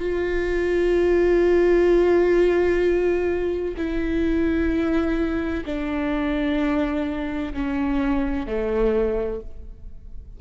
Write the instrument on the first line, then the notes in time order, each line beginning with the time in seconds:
viola
0.00 F4
3.77 E4
5.65 D4
7.53 C#4
8.47 A3